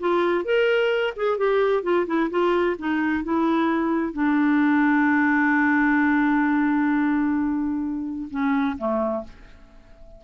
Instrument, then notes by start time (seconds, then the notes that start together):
clarinet
0.00 F4
0.45 A#4
1.17 G#4
1.38 G4
1.83 F4
2.07 E4
2.31 F4
2.79 D#4
3.24 E4
4.13 D4
8.31 C#4
8.78 A3